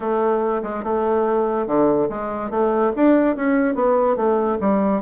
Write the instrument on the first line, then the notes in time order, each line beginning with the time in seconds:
bassoon
0.00 A3
0.62 G#3
0.83 A3
1.66 D3
2.09 G#3
2.50 A3
2.96 D4
3.36 C#4
3.74 B3
4.16 A3
4.60 G3